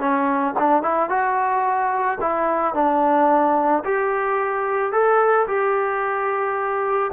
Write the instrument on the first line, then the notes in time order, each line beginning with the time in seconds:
trombone
0.00 C#4
0.59 D4
0.83 E4
1.10 F#4
2.21 E4
2.75 D4
3.85 G4
4.93 A4
5.48 G4